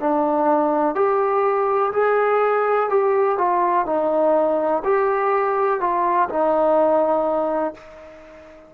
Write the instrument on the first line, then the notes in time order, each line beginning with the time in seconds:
trombone
0.00 D4
0.95 G4
1.93 G#4
2.89 G4
3.38 F4
3.86 D#4
4.84 G4
5.80 F4
6.29 D#4